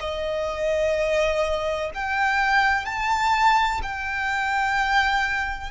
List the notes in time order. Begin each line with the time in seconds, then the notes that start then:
0.00 D#5
1.94 G5
2.86 A5
3.83 G5